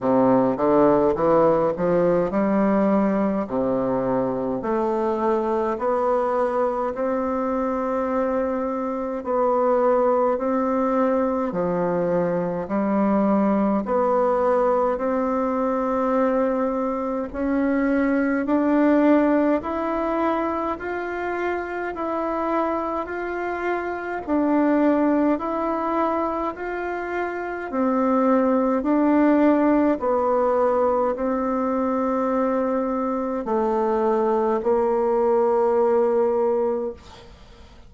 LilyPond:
\new Staff \with { instrumentName = "bassoon" } { \time 4/4 \tempo 4 = 52 c8 d8 e8 f8 g4 c4 | a4 b4 c'2 | b4 c'4 f4 g4 | b4 c'2 cis'4 |
d'4 e'4 f'4 e'4 | f'4 d'4 e'4 f'4 | c'4 d'4 b4 c'4~ | c'4 a4 ais2 | }